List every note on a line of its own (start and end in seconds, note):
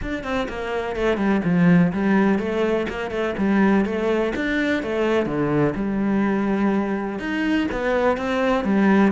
0.02 0.23 D4
0.23 0.47 C4
0.48 0.96 A#3
0.96 1.17 A3
1.17 1.41 G3
1.44 1.92 F3
1.92 2.38 G3
2.38 2.86 A3
2.89 3.10 A#3
3.10 3.34 A3
3.37 3.85 G3
3.85 4.33 A3
4.35 4.82 D4
4.82 5.26 A3
5.26 5.74 D3
5.75 7.19 G3
7.19 7.67 D#4
7.71 8.17 B3
8.17 8.64 C4
8.64 9.12 G3